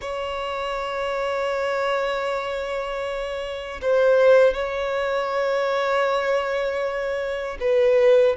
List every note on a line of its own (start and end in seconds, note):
0.01 3.80 C#5
3.81 4.53 C5
4.53 7.57 C#5
7.60 8.36 B4